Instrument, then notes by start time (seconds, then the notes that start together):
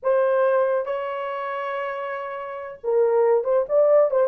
horn
0.02 C5
0.85 C#5
2.83 A#4
3.44 C5
3.68 D5
4.10 C5